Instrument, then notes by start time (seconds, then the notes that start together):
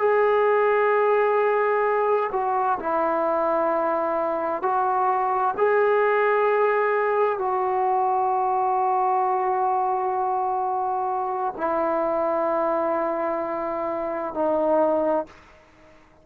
trombone
0.00 G#4
2.33 F#4
2.80 E4
4.63 F#4
5.58 G#4
7.39 F#4
11.58 E4
14.35 D#4